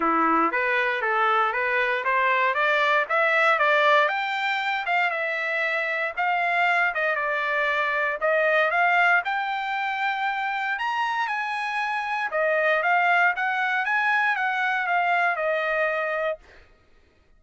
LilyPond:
\new Staff \with { instrumentName = "trumpet" } { \time 4/4 \tempo 4 = 117 e'4 b'4 a'4 b'4 | c''4 d''4 e''4 d''4 | g''4. f''8 e''2 | f''4. dis''8 d''2 |
dis''4 f''4 g''2~ | g''4 ais''4 gis''2 | dis''4 f''4 fis''4 gis''4 | fis''4 f''4 dis''2 | }